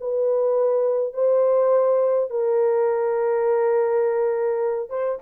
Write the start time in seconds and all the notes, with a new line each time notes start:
0.00 B4
1.13 C5
2.30 A#4
4.89 C5